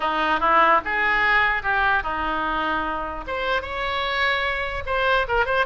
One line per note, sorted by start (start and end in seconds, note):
0.00 0.40 D#4
0.40 0.80 E4
0.84 1.62 G#4
1.62 2.03 G4
2.03 3.25 D#4
3.27 3.61 C5
3.61 4.83 C#5
4.86 5.26 C5
5.28 5.45 A#4
5.45 5.66 C5